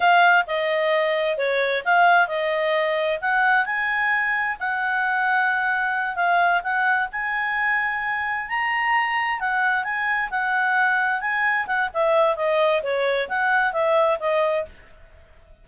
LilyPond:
\new Staff \with { instrumentName = "clarinet" } { \time 4/4 \tempo 4 = 131 f''4 dis''2 cis''4 | f''4 dis''2 fis''4 | gis''2 fis''2~ | fis''4. f''4 fis''4 gis''8~ |
gis''2~ gis''8 ais''4.~ | ais''8 fis''4 gis''4 fis''4.~ | fis''8 gis''4 fis''8 e''4 dis''4 | cis''4 fis''4 e''4 dis''4 | }